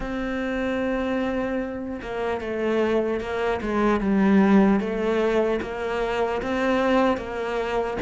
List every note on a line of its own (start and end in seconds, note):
0.00 2.00 C4
2.01 2.40 A#3
2.40 3.20 A3
3.20 3.60 A#3
3.61 4.00 G#3
4.00 4.80 G3
4.80 5.60 A3
5.61 6.41 A#3
6.42 7.17 C4
7.17 7.97 A#3